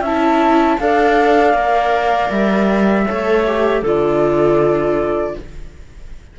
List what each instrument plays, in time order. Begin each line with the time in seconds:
0.00 cello C#4, clarinet E5, flute A5
0.06 viola E4
0.79 cello D4, viola A4, clarinet D5, flute F5
1.54 cello A#3, viola A#4
2.30 cello G3, flute E5
3.07 cello A3, viola A4, clarinet C#5
3.46 viola G4
3.81 cello D3, viola F4, clarinet A4, flute D5